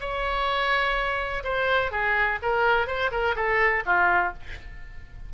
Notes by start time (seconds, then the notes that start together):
0.00 C#5
1.44 C5
1.91 G#4
2.42 A#4
2.87 C5
3.11 A#4
3.35 A4
3.85 F4